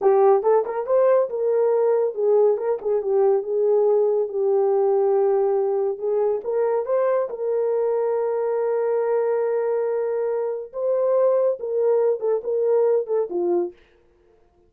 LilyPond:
\new Staff \with { instrumentName = "horn" } { \time 4/4 \tempo 4 = 140 g'4 a'8 ais'8 c''4 ais'4~ | ais'4 gis'4 ais'8 gis'8 g'4 | gis'2 g'2~ | g'2 gis'4 ais'4 |
c''4 ais'2.~ | ais'1~ | ais'4 c''2 ais'4~ | ais'8 a'8 ais'4. a'8 f'4 | }